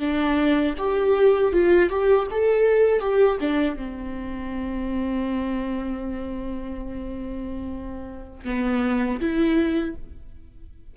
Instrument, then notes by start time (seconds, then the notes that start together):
viola
0.00 D4
0.78 G4
1.53 F4
1.90 G4
2.31 A4
3.01 G4
3.41 D4
3.77 C4
8.45 B3
9.20 E4